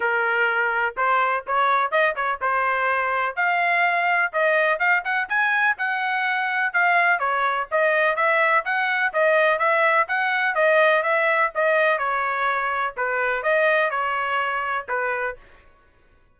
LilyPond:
\new Staff \with { instrumentName = "trumpet" } { \time 4/4 \tempo 4 = 125 ais'2 c''4 cis''4 | dis''8 cis''8 c''2 f''4~ | f''4 dis''4 f''8 fis''8 gis''4 | fis''2 f''4 cis''4 |
dis''4 e''4 fis''4 dis''4 | e''4 fis''4 dis''4 e''4 | dis''4 cis''2 b'4 | dis''4 cis''2 b'4 | }